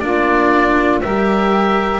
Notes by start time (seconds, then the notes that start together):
0.00 A#3 D4 F4 D5
1.02 G3 G4 A#4 E5